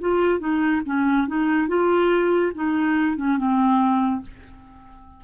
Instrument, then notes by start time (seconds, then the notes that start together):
clarinet
0.00 F4
0.39 D#4
0.85 C#4
1.27 D#4
1.67 F4
2.55 D#4
3.17 C#4
3.37 C4